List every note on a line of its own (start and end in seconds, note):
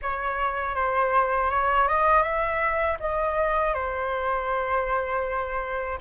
0.01 0.75 C#5
0.75 1.50 C5
1.50 1.88 C#5
1.88 2.22 D#5
2.22 2.97 E5
3.00 3.73 D#5
3.73 5.98 C5